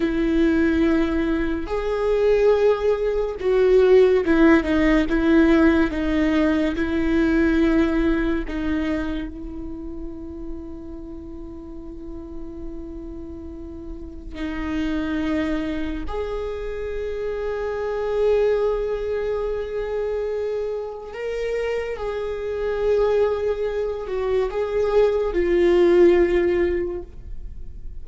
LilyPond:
\new Staff \with { instrumentName = "viola" } { \time 4/4 \tempo 4 = 71 e'2 gis'2 | fis'4 e'8 dis'8 e'4 dis'4 | e'2 dis'4 e'4~ | e'1~ |
e'4 dis'2 gis'4~ | gis'1~ | gis'4 ais'4 gis'2~ | gis'8 fis'8 gis'4 f'2 | }